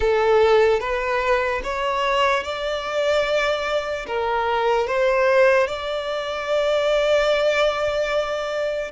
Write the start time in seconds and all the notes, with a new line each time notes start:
0.00 A4
0.80 B4
1.63 C#5
2.43 D5
4.07 A#4
4.87 C5
5.67 D5